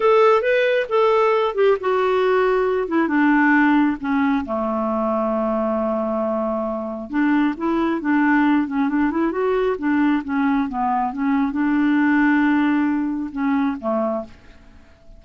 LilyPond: \new Staff \with { instrumentName = "clarinet" } { \time 4/4 \tempo 4 = 135 a'4 b'4 a'4. g'8 | fis'2~ fis'8 e'8 d'4~ | d'4 cis'4 a2~ | a1 |
d'4 e'4 d'4. cis'8 | d'8 e'8 fis'4 d'4 cis'4 | b4 cis'4 d'2~ | d'2 cis'4 a4 | }